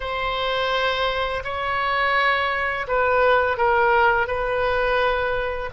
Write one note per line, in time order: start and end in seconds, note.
0.00 1.43 C5
1.44 2.86 C#5
2.87 3.57 B4
3.57 4.27 A#4
4.27 5.70 B4